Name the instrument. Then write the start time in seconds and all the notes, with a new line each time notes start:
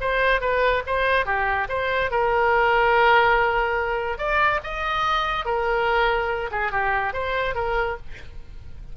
oboe
0.00 C5
0.41 B4
0.86 C5
1.25 G4
1.69 C5
2.11 A#4
4.18 D5
4.63 D#5
5.45 A#4
6.51 G#4
6.72 G4
7.13 C5
7.54 A#4